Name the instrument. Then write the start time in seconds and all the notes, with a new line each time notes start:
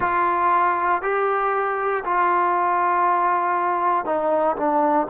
trombone
0.00 F4
1.02 G4
2.04 F4
4.05 D#4
4.56 D4